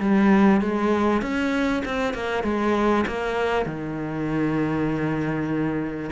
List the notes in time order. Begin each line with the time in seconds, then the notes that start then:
0.00 G3
0.61 G#3
1.22 C#4
1.85 C4
2.14 A#3
2.44 G#3
3.07 A#3
3.66 D#3